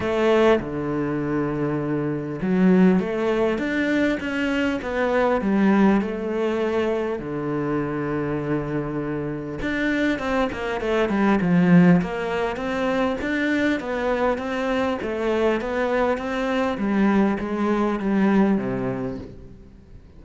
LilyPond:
\new Staff \with { instrumentName = "cello" } { \time 4/4 \tempo 4 = 100 a4 d2. | fis4 a4 d'4 cis'4 | b4 g4 a2 | d1 |
d'4 c'8 ais8 a8 g8 f4 | ais4 c'4 d'4 b4 | c'4 a4 b4 c'4 | g4 gis4 g4 c4 | }